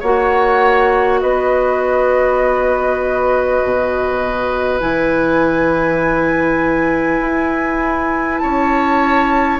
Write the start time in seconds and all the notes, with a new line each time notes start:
0.00 A#3 F#4 C#5 F#5
1.20 B3 B4 D#5
3.63 B2
4.80 E3 E4 G#5
7.20 E4
8.38 C#5 A5
8.44 C#4